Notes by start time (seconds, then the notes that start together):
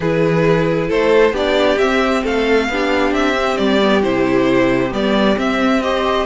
0.00 E3 E4 G#4 B4
0.87 A3 A4 C5
1.32 B3 D4 G4 D5
1.78 C4 E5
2.23 A3 A4 F5
2.68 B3 D4 G4
3.11 C4 E5
3.34 C4
3.57 G3 D5
3.82 B3
4.02 C3 E4 C5
4.90 G3 B3 D5
5.36 C4 E5
5.82 G4 C5 D#5